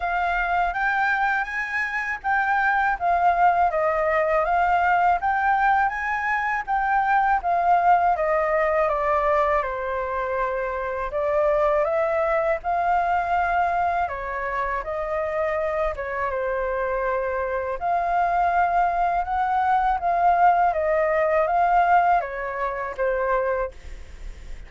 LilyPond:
\new Staff \with { instrumentName = "flute" } { \time 4/4 \tempo 4 = 81 f''4 g''4 gis''4 g''4 | f''4 dis''4 f''4 g''4 | gis''4 g''4 f''4 dis''4 | d''4 c''2 d''4 |
e''4 f''2 cis''4 | dis''4. cis''8 c''2 | f''2 fis''4 f''4 | dis''4 f''4 cis''4 c''4 | }